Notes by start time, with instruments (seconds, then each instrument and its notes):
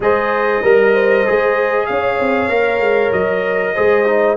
0.00 tuba G#3, trombone G#4, horn C5, trumpet D#5
0.62 tuba G3, horn A#4, trombone A#4
0.94 horn C5
1.26 tuba G#3, trombone G#4
1.86 tuba C#4, horn C#5, trumpet F5
2.19 tuba C4
2.48 tuba A#3, trombone A#4
2.79 tuba G#3
3.12 tuba F#3, trumpet D#5
3.74 tuba G#3, trombone G#4, horn C5
4.06 trombone D#4